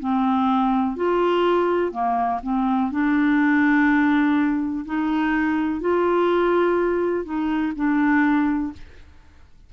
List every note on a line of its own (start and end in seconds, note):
0.00 0.97 C4
0.97 1.92 F4
1.92 2.41 A#3
2.43 2.92 C4
2.92 4.85 D4
4.86 5.81 D#4
5.81 7.25 F4
7.25 7.73 D#4
7.76 8.73 D4